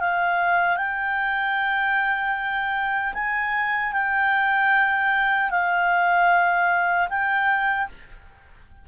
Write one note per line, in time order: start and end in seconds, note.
0.00 0.77 F5
0.77 3.14 G5
3.14 3.93 G#5
3.93 5.51 G5
5.51 7.09 F5
7.10 7.89 G5